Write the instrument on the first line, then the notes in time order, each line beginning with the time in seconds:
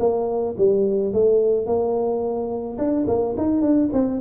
tuba
0.00 A#3
0.58 G3
1.14 A3
1.67 A#3
2.78 D4
3.08 A#3
3.37 D#4
3.62 D4
3.93 C4